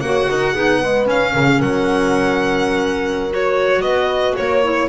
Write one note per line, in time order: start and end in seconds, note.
0.00 0.27 A#3
0.00 0.55 F#4
0.00 0.29 C#5
0.00 1.05 F#5
0.29 0.55 D#4
0.29 0.53 A#4
0.53 1.07 B3
0.53 0.82 D#4
0.53 0.79 G#4
0.80 1.06 G#3
0.80 1.32 B4
1.06 3.30 C#4
1.06 1.33 C#4
1.06 1.61 F5
1.33 1.61 C#3
1.33 1.46 A#4
1.46 1.59 G#4
1.59 3.82 F#3
1.59 3.82 A#4
1.59 3.32 F#5
3.31 4.62 F#4
3.31 3.81 C#5
3.81 4.34 B3
3.81 4.36 B4
3.81 4.34 D#5
4.36 4.88 A#3
4.36 4.88 C#5
4.63 4.88 E4